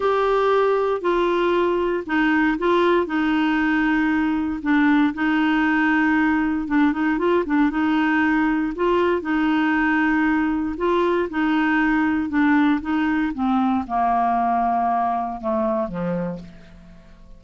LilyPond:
\new Staff \with { instrumentName = "clarinet" } { \time 4/4 \tempo 4 = 117 g'2 f'2 | dis'4 f'4 dis'2~ | dis'4 d'4 dis'2~ | dis'4 d'8 dis'8 f'8 d'8 dis'4~ |
dis'4 f'4 dis'2~ | dis'4 f'4 dis'2 | d'4 dis'4 c'4 ais4~ | ais2 a4 f4 | }